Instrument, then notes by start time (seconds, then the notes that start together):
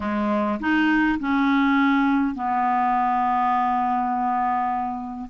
clarinet
0.00 G#3
0.60 D#4
1.19 C#4
2.34 B3